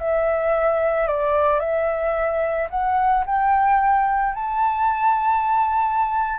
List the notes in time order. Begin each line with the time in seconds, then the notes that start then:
0.00 E5
1.08 D5
1.60 E5
2.70 F#5
3.27 G5
4.35 A5